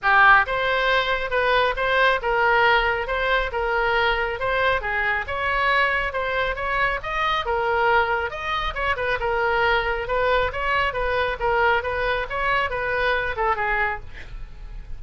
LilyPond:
\new Staff \with { instrumentName = "oboe" } { \time 4/4 \tempo 4 = 137 g'4 c''2 b'4 | c''4 ais'2 c''4 | ais'2 c''4 gis'4 | cis''2 c''4 cis''4 |
dis''4 ais'2 dis''4 | cis''8 b'8 ais'2 b'4 | cis''4 b'4 ais'4 b'4 | cis''4 b'4. a'8 gis'4 | }